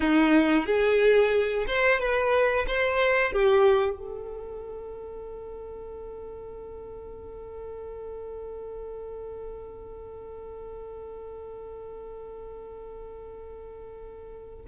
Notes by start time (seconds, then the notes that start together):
0.00 D#4
0.65 G#4
1.67 C5
1.99 B4
2.67 C5
3.32 G4
3.98 A4